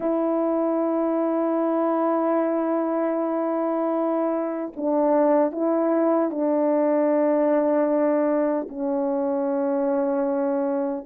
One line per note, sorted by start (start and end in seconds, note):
0.00 4.71 E4
4.76 5.52 D4
5.52 6.31 E4
6.31 8.67 D4
8.68 11.05 C#4